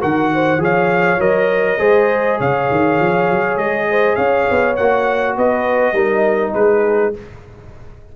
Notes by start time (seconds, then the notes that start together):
0.00 D#3 F#4 A#4 F#5
0.34 C5
0.57 F3 G#4 C#5
0.64 F5
1.17 F#3 A#4 D#5
1.79 G#3 G#4 C5
2.39 C#3 C#5 F5
2.70 D#3
3.00 F3
3.30 F#3
3.56 G#3 D#5
3.90 C5
4.15 C#4 C#5 F5
4.50 B3
4.76 A#3 F#4 F#5
5.36 B3 B4 D#5
5.93 G3 D#4 A#4
6.54 G#3 G#4 B4